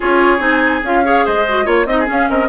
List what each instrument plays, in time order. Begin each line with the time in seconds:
0.00 bassoon C#4, clarinet F4, oboe G#4, flute C#5
0.39 bassoon C4, clarinet D#4, flute G#5
0.83 bassoon C#4, clarinet F4, flute F5
1.04 clarinet G#4, oboe C#5
1.25 bassoon G#3, oboe C5, flute D#5
1.48 clarinet F#4
1.64 bassoon A#3, clarinet F4, oboe C#5, flute C#5
1.86 bassoon C4, clarinet D#4, flute D#5, oboe D#5
1.99 oboe G#4
2.05 clarinet C#4, bassoon C#4, flute F5
2.29 bassoon C4, oboe A#4, flute D#5